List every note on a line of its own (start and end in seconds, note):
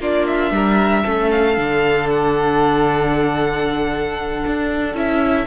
0.00 0.52 A#3
0.00 1.05 D4
0.00 0.53 F4
0.00 0.27 D5
0.27 1.31 E5
0.52 1.04 G3
0.52 1.04 A#4
1.04 1.58 A3
1.04 1.57 C#4
1.04 5.47 A4
1.31 2.10 F5
1.57 4.45 D3
1.57 4.95 D4
2.10 4.97 F#5
4.46 4.95 D4
4.95 5.47 C#4
4.95 5.47 E4
4.95 5.47 E5